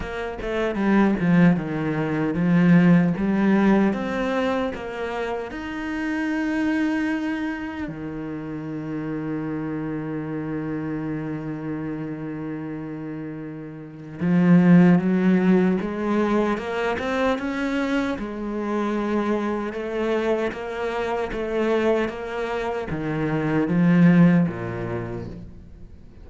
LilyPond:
\new Staff \with { instrumentName = "cello" } { \time 4/4 \tempo 4 = 76 ais8 a8 g8 f8 dis4 f4 | g4 c'4 ais4 dis'4~ | dis'2 dis2~ | dis1~ |
dis2 f4 fis4 | gis4 ais8 c'8 cis'4 gis4~ | gis4 a4 ais4 a4 | ais4 dis4 f4 ais,4 | }